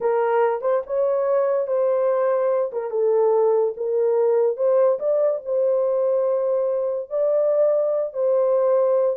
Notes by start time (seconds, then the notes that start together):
0.00 A#4
0.61 C5
0.86 C#5
1.67 C5
2.72 A#4
2.90 A4
3.76 A#4
4.57 C5
4.99 D5
5.45 C5
7.10 D5
8.13 C5